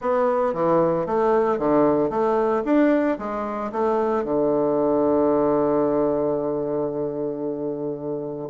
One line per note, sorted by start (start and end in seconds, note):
0.01 0.53 B3
0.53 1.06 E3
1.06 1.58 A3
1.58 2.10 D3
2.10 2.63 A3
2.65 3.18 D4
3.18 3.71 G#3
3.72 4.24 A3
4.24 8.49 D3